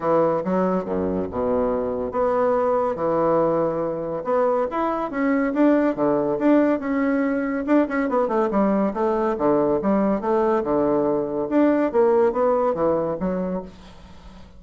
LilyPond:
\new Staff \with { instrumentName = "bassoon" } { \time 4/4 \tempo 4 = 141 e4 fis4 fis,4 b,4~ | b,4 b2 e4~ | e2 b4 e'4 | cis'4 d'4 d4 d'4 |
cis'2 d'8 cis'8 b8 a8 | g4 a4 d4 g4 | a4 d2 d'4 | ais4 b4 e4 fis4 | }